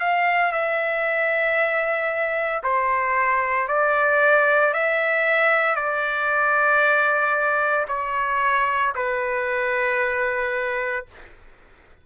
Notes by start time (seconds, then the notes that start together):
0.00 F5
0.52 E5
2.63 C5
3.68 D5
4.73 E5
5.76 D5
7.88 C#5
8.95 B4